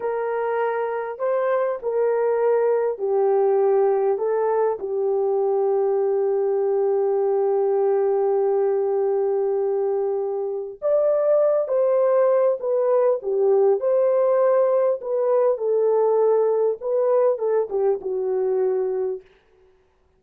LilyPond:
\new Staff \with { instrumentName = "horn" } { \time 4/4 \tempo 4 = 100 ais'2 c''4 ais'4~ | ais'4 g'2 a'4 | g'1~ | g'1~ |
g'2 d''4. c''8~ | c''4 b'4 g'4 c''4~ | c''4 b'4 a'2 | b'4 a'8 g'8 fis'2 | }